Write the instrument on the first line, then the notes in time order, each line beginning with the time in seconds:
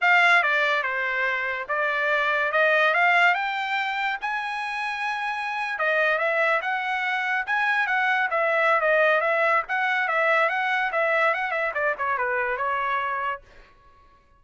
trumpet
0.01 F5
0.43 D5
0.82 C5
1.68 D5
2.52 D#5
2.94 F5
3.34 G5
4.21 G#5
5.78 D#5
6.18 E5
6.61 F#5
7.46 G#5
7.87 F#5
8.30 E5
8.81 D#5
9.20 E5
9.68 F#5
10.08 E5
10.49 F#5
10.92 E5
11.33 F#5
11.51 E5
11.74 D5
11.98 C#5
12.17 B4
12.57 C#5